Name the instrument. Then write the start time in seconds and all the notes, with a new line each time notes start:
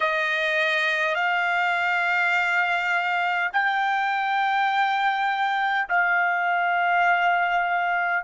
trumpet
0.00 D#5
1.14 F5
3.52 G5
5.88 F5